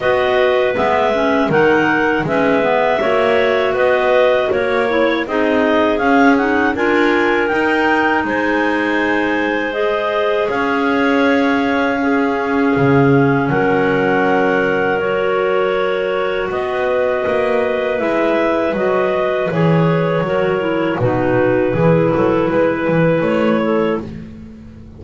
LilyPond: <<
  \new Staff \with { instrumentName = "clarinet" } { \time 4/4 \tempo 4 = 80 dis''4 e''4 fis''4 e''4~ | e''4 dis''4 cis''4 dis''4 | f''8 fis''8 gis''4 g''4 gis''4~ | gis''4 dis''4 f''2~ |
f''2 fis''2 | cis''2 dis''2 | e''4 dis''4 cis''2 | b'2. cis''4 | }
  \new Staff \with { instrumentName = "clarinet" } { \time 4/4 b'2 ais'4 b'4 | cis''4 b'4 ais'8 cis''8 gis'4~ | gis'4 ais'2 c''4~ | c''2 cis''2 |
gis'2 ais'2~ | ais'2 b'2~ | b'2. ais'4 | fis'4 gis'8 a'8 b'4. a'8 | }
  \new Staff \with { instrumentName = "clarinet" } { \time 4/4 fis'4 b8 cis'8 dis'4 cis'8 b8 | fis'2~ fis'8 e'8 dis'4 | cis'8 dis'8 f'4 dis'2~ | dis'4 gis'2. |
cis'1 | fis'1 | e'4 fis'4 gis'4 fis'8 e'8 | dis'4 e'2. | }
  \new Staff \with { instrumentName = "double bass" } { \time 4/4 b4 gis4 dis4 gis4 | ais4 b4 ais4 c'4 | cis'4 d'4 dis'4 gis4~ | gis2 cis'2~ |
cis'4 cis4 fis2~ | fis2 b4 ais4 | gis4 fis4 e4 fis4 | b,4 e8 fis8 gis8 e8 a4 | }
>>